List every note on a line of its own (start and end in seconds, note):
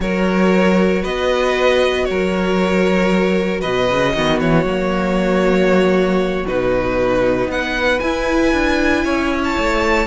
0.00 1.03 F#3
0.00 4.15 F#4
0.00 1.02 A#4
0.00 1.04 C#5
1.02 2.09 B3
1.02 2.05 B4
1.02 2.04 D#5
2.04 3.64 F#3
2.04 3.60 A#4
2.04 3.59 C#5
3.60 3.89 B2
3.60 4.12 B4
3.60 4.39 D#5
3.89 4.14 C#3
4.13 4.40 D#3
4.13 4.66 B3
4.13 7.50 F#4
4.39 4.63 E3
4.39 6.46 C#5
4.63 6.45 F#3
4.63 6.47 A#3
6.47 7.47 B2
6.47 8.02 D#4
6.47 7.50 B4
7.47 7.98 B3
7.47 9.04 B4
7.47 7.99 F#5
7.99 8.52 E4
7.99 10.07 E4
7.99 9.41 G#5
8.52 9.04 D4
9.04 9.56 C#4
9.04 10.07 C#5
9.44 10.07 A5
9.58 10.07 A3